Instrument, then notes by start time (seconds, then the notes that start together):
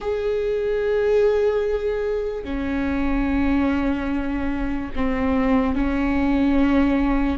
viola
0.00 G#4
2.44 C#4
4.95 C4
5.75 C#4